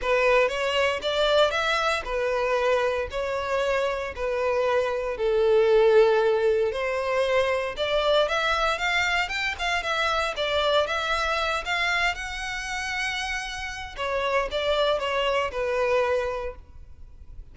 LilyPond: \new Staff \with { instrumentName = "violin" } { \time 4/4 \tempo 4 = 116 b'4 cis''4 d''4 e''4 | b'2 cis''2 | b'2 a'2~ | a'4 c''2 d''4 |
e''4 f''4 g''8 f''8 e''4 | d''4 e''4. f''4 fis''8~ | fis''2. cis''4 | d''4 cis''4 b'2 | }